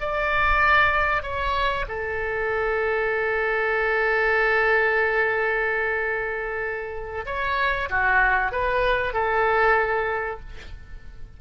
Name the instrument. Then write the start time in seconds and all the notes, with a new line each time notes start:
oboe
0.00 D5
1.22 C#5
1.88 A4
7.26 C#5
7.90 F#4
8.51 B4
9.13 A4